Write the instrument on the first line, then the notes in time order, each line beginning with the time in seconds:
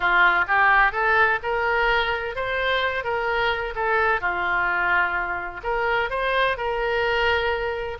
oboe
0.00 F4
0.47 G4
0.92 A4
1.43 A#4
2.35 C5
3.03 A#4
3.75 A4
4.20 F4
5.63 A#4
6.10 C5
6.57 A#4